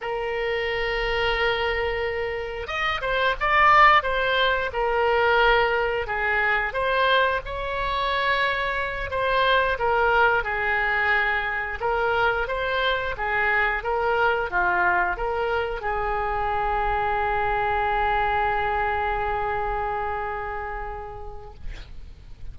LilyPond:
\new Staff \with { instrumentName = "oboe" } { \time 4/4 \tempo 4 = 89 ais'1 | dis''8 c''8 d''4 c''4 ais'4~ | ais'4 gis'4 c''4 cis''4~ | cis''4. c''4 ais'4 gis'8~ |
gis'4. ais'4 c''4 gis'8~ | gis'8 ais'4 f'4 ais'4 gis'8~ | gis'1~ | gis'1 | }